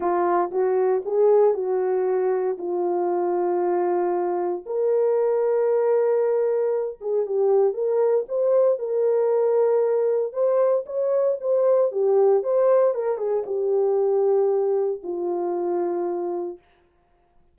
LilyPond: \new Staff \with { instrumentName = "horn" } { \time 4/4 \tempo 4 = 116 f'4 fis'4 gis'4 fis'4~ | fis'4 f'2.~ | f'4 ais'2.~ | ais'4. gis'8 g'4 ais'4 |
c''4 ais'2. | c''4 cis''4 c''4 g'4 | c''4 ais'8 gis'8 g'2~ | g'4 f'2. | }